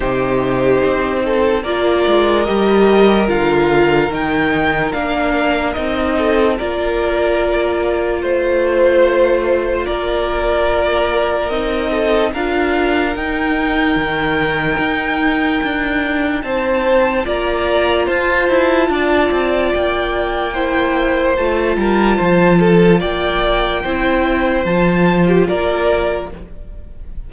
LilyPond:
<<
  \new Staff \with { instrumentName = "violin" } { \time 4/4 \tempo 4 = 73 c''2 d''4 dis''4 | f''4 g''4 f''4 dis''4 | d''2 c''2 | d''2 dis''4 f''4 |
g''1 | a''4 ais''4 a''2 | g''2 a''2 | g''2 a''8. g'16 d''4 | }
  \new Staff \with { instrumentName = "violin" } { \time 4/4 g'4. a'8 ais'2~ | ais'2.~ ais'8 a'8 | ais'2 c''2 | ais'2~ ais'8 a'8 ais'4~ |
ais'1 | c''4 d''4 c''4 d''4~ | d''4 c''4. ais'8 c''8 a'8 | d''4 c''2 ais'4 | }
  \new Staff \with { instrumentName = "viola" } { \time 4/4 dis'2 f'4 g'4 | f'4 dis'4 d'4 dis'4 | f'1~ | f'2 dis'4 f'4 |
dis'1~ | dis'4 f'2.~ | f'4 e'4 f'2~ | f'4 e'4 f'2 | }
  \new Staff \with { instrumentName = "cello" } { \time 4/4 c4 c'4 ais8 gis8 g4 | d4 dis4 ais4 c'4 | ais2 a2 | ais2 c'4 d'4 |
dis'4 dis4 dis'4 d'4 | c'4 ais4 f'8 e'8 d'8 c'8 | ais2 a8 g8 f4 | ais4 c'4 f4 ais4 | }
>>